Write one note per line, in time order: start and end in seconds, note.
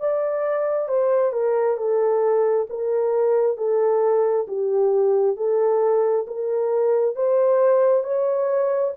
0.00 0.88 D5
0.88 1.32 C5
1.32 1.77 A#4
1.77 2.67 A4
2.70 3.57 A#4
3.57 4.47 A4
4.48 5.36 G4
5.36 6.26 A4
6.27 7.16 A#4
7.16 8.04 C5
8.04 8.93 C#5